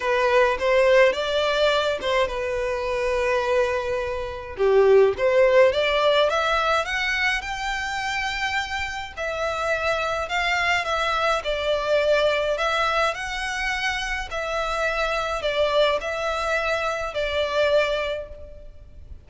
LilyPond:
\new Staff \with { instrumentName = "violin" } { \time 4/4 \tempo 4 = 105 b'4 c''4 d''4. c''8 | b'1 | g'4 c''4 d''4 e''4 | fis''4 g''2. |
e''2 f''4 e''4 | d''2 e''4 fis''4~ | fis''4 e''2 d''4 | e''2 d''2 | }